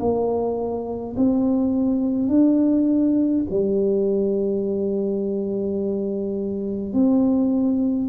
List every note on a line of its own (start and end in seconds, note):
0.00 1.15 A#3
1.16 2.29 C4
2.29 3.44 D4
3.50 6.93 G3
6.93 8.09 C4